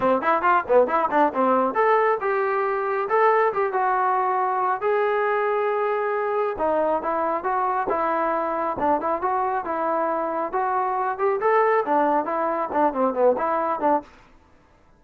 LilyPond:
\new Staff \with { instrumentName = "trombone" } { \time 4/4 \tempo 4 = 137 c'8 e'8 f'8 b8 e'8 d'8 c'4 | a'4 g'2 a'4 | g'8 fis'2~ fis'8 gis'4~ | gis'2. dis'4 |
e'4 fis'4 e'2 | d'8 e'8 fis'4 e'2 | fis'4. g'8 a'4 d'4 | e'4 d'8 c'8 b8 e'4 d'8 | }